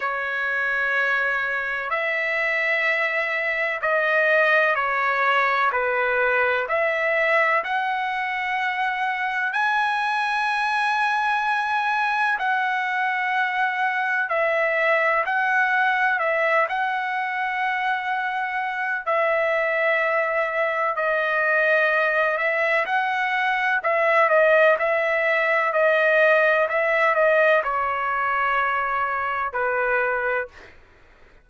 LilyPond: \new Staff \with { instrumentName = "trumpet" } { \time 4/4 \tempo 4 = 63 cis''2 e''2 | dis''4 cis''4 b'4 e''4 | fis''2 gis''2~ | gis''4 fis''2 e''4 |
fis''4 e''8 fis''2~ fis''8 | e''2 dis''4. e''8 | fis''4 e''8 dis''8 e''4 dis''4 | e''8 dis''8 cis''2 b'4 | }